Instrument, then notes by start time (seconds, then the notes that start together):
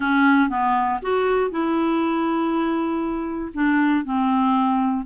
clarinet
0.00 C#4
0.49 B3
1.02 F#4
1.50 E4
3.54 D4
4.04 C4